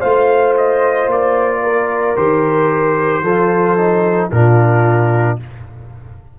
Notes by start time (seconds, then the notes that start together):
0.00 A3 F4 C5 F5
0.57 D#5
1.06 A#3 D5
1.63 A#4
2.16 D#3 G4 C5
3.23 F3 F4 A4
3.77 D#4
4.31 A#2 D4 F4 A#4